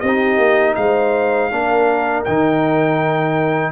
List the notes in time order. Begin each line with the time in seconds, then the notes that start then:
0.00 C4 G4 D#5
0.07 D#4
0.38 A#3
0.75 G#3 C5 F5
1.51 A#3 D4 A#4
2.25 D#3 D#4 G5